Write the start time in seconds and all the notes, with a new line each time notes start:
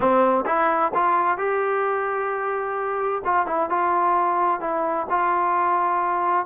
0.00 C4
0.46 E4
0.94 F4
1.37 G4
3.24 F4
3.46 E4
3.69 F4
4.60 E4
5.09 F4